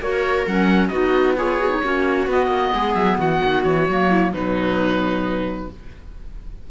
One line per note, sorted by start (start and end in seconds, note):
0.00 0.45 A#3
0.00 0.47 F#4
0.00 0.90 A#4
0.00 0.46 C#5
0.46 0.90 F#3
0.46 0.91 C#4
0.46 0.88 F#5
0.88 1.80 B3
0.88 1.37 D#4
0.88 1.35 F#4
0.88 1.33 D#5
1.37 1.59 F4
1.37 1.82 G#4
1.37 2.28 C#5
1.59 1.70 F#4
1.70 1.81 D#4
1.82 2.26 A#3
1.82 2.29 C#4
1.82 2.74 F#4
2.26 2.47 B3
2.26 3.88 B3
2.26 2.94 D#5
2.47 2.69 A#3
2.73 2.94 G#3
2.73 3.17 G#4
2.94 3.17 F#3
2.94 3.16 E5
3.17 3.40 E3
3.17 4.08 F#4
3.17 3.63 F#5
3.43 3.65 D#3
3.63 3.88 E3
3.63 4.31 C#5
3.88 4.33 F#3
3.88 4.34 A#3
4.09 4.32 E4
4.32 5.70 B2
4.32 5.70 F#3
4.32 5.69 D#4
4.32 5.70 B4